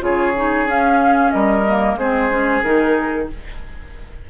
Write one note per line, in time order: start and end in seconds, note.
0.00 0.65 C#3
0.00 0.33 F4
0.00 1.33 G#4
0.00 0.68 C#5
0.36 0.67 D#4
0.65 1.30 C#4
0.65 1.64 C#4
0.65 1.30 F5
1.30 1.95 G3
1.30 1.99 A#4
1.30 1.95 D#5
1.67 1.99 A#3
1.95 2.61 G#3
1.95 2.30 C4
1.95 3.29 G#4
1.95 2.62 C5
2.30 2.63 C#4
2.62 3.28 D#3
2.62 3.30 D#4
2.62 3.27 A#4